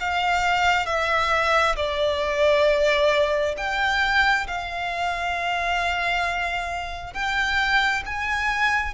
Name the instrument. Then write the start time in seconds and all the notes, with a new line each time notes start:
violin
0.00 F5
0.86 E5
1.76 D5
3.57 G5
4.47 F5
7.14 G5
8.06 G#5